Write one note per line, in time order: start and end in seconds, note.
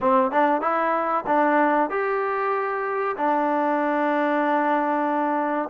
0.00 0.31 C4
0.31 0.61 D4
0.61 1.24 E4
1.26 1.89 D4
1.89 3.16 G4
3.16 5.69 D4